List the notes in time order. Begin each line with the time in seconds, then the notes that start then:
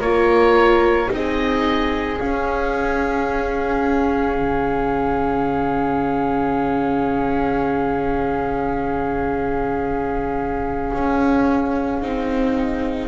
0.00 A#3 F4 A#4 C#5
1.08 C4 D#4 G#4
1.14 D#5
2.19 C#4 F5
4.36 C#3
10.93 C#4
12.01 C4 D#4